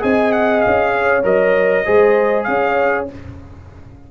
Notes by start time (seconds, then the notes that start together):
0.00 C4 G#4 D#5 G#5
0.33 F#5
0.61 C#4 F5
0.94 C#5
1.23 F#3 A#4 D#5
1.86 G#3 G#4 C5
2.44 C#4 F5
2.50 C#5